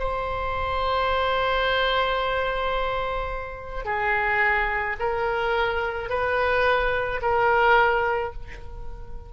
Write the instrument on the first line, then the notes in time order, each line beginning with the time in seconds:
oboe
0.00 C5
3.85 G#4
4.99 A#4
6.10 B4
7.22 A#4